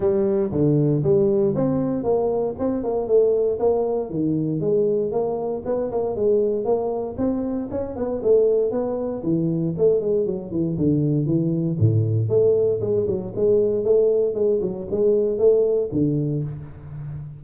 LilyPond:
\new Staff \with { instrumentName = "tuba" } { \time 4/4 \tempo 4 = 117 g4 d4 g4 c'4 | ais4 c'8 ais8 a4 ais4 | dis4 gis4 ais4 b8 ais8 | gis4 ais4 c'4 cis'8 b8 |
a4 b4 e4 a8 gis8 | fis8 e8 d4 e4 a,4 | a4 gis8 fis8 gis4 a4 | gis8 fis8 gis4 a4 d4 | }